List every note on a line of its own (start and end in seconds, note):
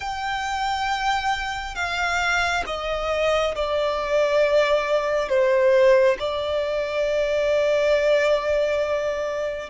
0.00 1.75 G5
1.75 2.63 F5
2.66 3.54 D#5
3.55 5.29 D5
5.29 6.17 C5
6.19 9.69 D5